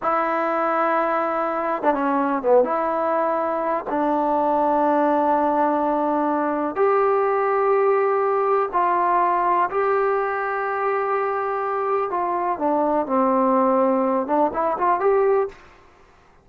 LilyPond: \new Staff \with { instrumentName = "trombone" } { \time 4/4 \tempo 4 = 124 e'2.~ e'8. d'16 | cis'4 b8 e'2~ e'8 | d'1~ | d'2 g'2~ |
g'2 f'2 | g'1~ | g'4 f'4 d'4 c'4~ | c'4. d'8 e'8 f'8 g'4 | }